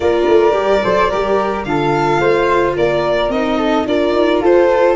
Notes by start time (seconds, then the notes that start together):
0.00 A#3 F4 A#4 D5
0.27 A3
0.51 G3 G4
0.83 F#3 A4 C5
1.10 G3 G4 A#4
1.64 D3 F4 A4 F5
2.18 A3 C5
2.76 A#3 A#4 D5
3.29 C4 D#4 D#5
3.57 A4
3.85 D4 F4 A#4 D5
4.11 D#4
4.40 F4 A4 C5